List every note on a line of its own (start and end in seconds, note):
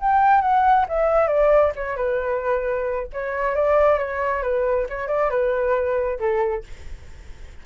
0.00 0.41 G5
0.41 0.86 F#5
0.89 1.28 E5
1.28 1.72 D5
1.76 1.97 C#5
1.97 3.08 B4
3.13 3.56 C#5
3.56 3.99 D5
3.99 4.43 C#5
4.43 4.87 B4
4.89 5.08 C#5
5.08 5.30 D5
5.30 6.19 B4
6.20 6.64 A4